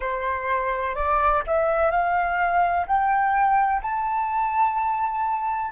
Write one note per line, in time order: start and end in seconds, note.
0.00 0.95 C5
0.95 1.42 D5
1.46 1.90 E5
1.90 2.86 F5
2.86 3.81 G5
3.82 5.71 A5